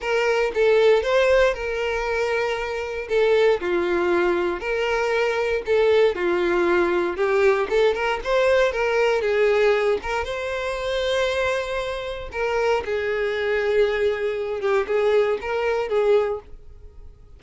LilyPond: \new Staff \with { instrumentName = "violin" } { \time 4/4 \tempo 4 = 117 ais'4 a'4 c''4 ais'4~ | ais'2 a'4 f'4~ | f'4 ais'2 a'4 | f'2 g'4 a'8 ais'8 |
c''4 ais'4 gis'4. ais'8 | c''1 | ais'4 gis'2.~ | gis'8 g'8 gis'4 ais'4 gis'4 | }